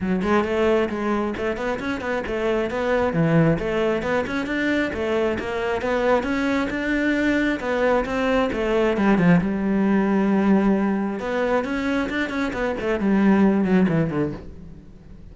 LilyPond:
\new Staff \with { instrumentName = "cello" } { \time 4/4 \tempo 4 = 134 fis8 gis8 a4 gis4 a8 b8 | cis'8 b8 a4 b4 e4 | a4 b8 cis'8 d'4 a4 | ais4 b4 cis'4 d'4~ |
d'4 b4 c'4 a4 | g8 f8 g2.~ | g4 b4 cis'4 d'8 cis'8 | b8 a8 g4. fis8 e8 d8 | }